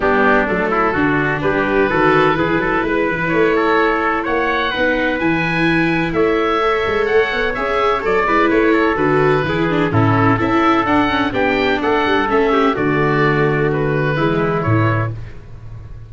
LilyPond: <<
  \new Staff \with { instrumentName = "oboe" } { \time 4/4 \tempo 4 = 127 g'4 a'2 b'4~ | b'2. cis''4~ | cis''4 fis''2 gis''4~ | gis''4 e''2 fis''4 |
e''4 d''4 cis''4 b'4~ | b'4 a'4 e''4 fis''4 | g''4 fis''4 e''4 d''4~ | d''4 b'2 cis''4 | }
  \new Staff \with { instrumentName = "trumpet" } { \time 4/4 d'4. e'8 fis'4 g'4 | a'4 gis'8 a'8 b'4. a'8~ | a'4 cis''4 b'2~ | b'4 cis''2.~ |
cis''4. b'4 a'4. | gis'4 e'4 a'2 | g'4 a'4. g'8 fis'4~ | fis'2 e'2 | }
  \new Staff \with { instrumentName = "viola" } { \time 4/4 b4 a4 d'2 | fis'4 e'2.~ | e'2 dis'4 e'4~ | e'2 a'2 |
gis'4 a'8 e'4. fis'4 | e'8 d'8 cis'4 e'4 d'8 cis'8 | d'2 cis'4 a4~ | a2 gis4 e4 | }
  \new Staff \with { instrumentName = "tuba" } { \time 4/4 g4 fis4 d4 g4 | dis4 e8 fis8 gis8 e8 a4~ | a4 ais4 b4 e4~ | e4 a4. gis8 a8 b8 |
cis'4 fis8 gis8 a4 d4 | e4 a,4 cis'4 d'4 | b4 a8 g8 a4 d4~ | d2 e4 a,4 | }
>>